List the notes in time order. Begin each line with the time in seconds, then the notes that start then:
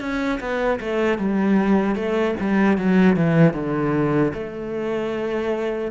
0.00 C#4
0.40 B3
0.80 A3
1.18 G3
1.95 A3
2.40 G3
2.77 F#3
3.16 E3
3.53 D3
4.33 A3